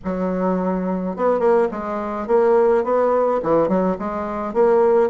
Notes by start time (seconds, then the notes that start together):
0.04 F#3
1.16 B3
1.39 A#3
1.71 G#3
2.27 A#3
2.84 B3
3.42 E3
3.68 F#3
3.98 G#3
4.53 A#3